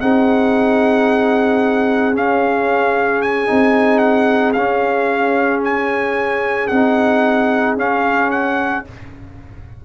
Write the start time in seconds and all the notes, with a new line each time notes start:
0.00 C4 D#4 G#4 F#5
2.13 C#4 F5
3.21 G#5
3.46 C4 D#4
3.98 F#5
4.53 C#4 F5
5.64 G#5
6.67 C4 D#4 F#5
7.76 C#4 F5
8.30 F#5